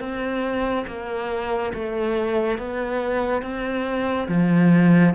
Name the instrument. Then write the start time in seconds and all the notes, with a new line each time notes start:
cello
0.00 C4
0.87 A#3
1.74 A3
2.58 B3
3.42 C4
4.29 F3